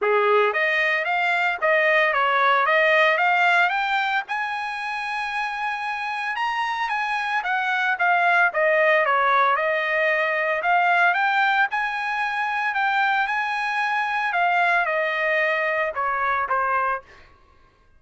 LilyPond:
\new Staff \with { instrumentName = "trumpet" } { \time 4/4 \tempo 4 = 113 gis'4 dis''4 f''4 dis''4 | cis''4 dis''4 f''4 g''4 | gis''1 | ais''4 gis''4 fis''4 f''4 |
dis''4 cis''4 dis''2 | f''4 g''4 gis''2 | g''4 gis''2 f''4 | dis''2 cis''4 c''4 | }